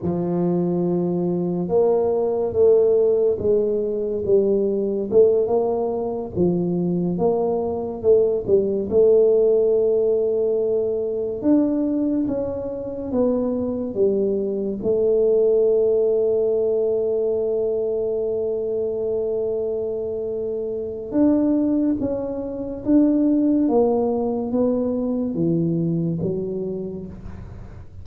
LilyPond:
\new Staff \with { instrumentName = "tuba" } { \time 4/4 \tempo 4 = 71 f2 ais4 a4 | gis4 g4 a8 ais4 f8~ | f8 ais4 a8 g8 a4.~ | a4. d'4 cis'4 b8~ |
b8 g4 a2~ a8~ | a1~ | a4 d'4 cis'4 d'4 | ais4 b4 e4 fis4 | }